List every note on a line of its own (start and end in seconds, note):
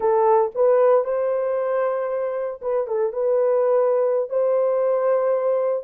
0.00 0.51 A4
0.54 1.04 B4
1.04 2.60 C5
2.61 2.87 B4
2.87 3.13 A4
3.13 4.29 B4
4.29 5.83 C5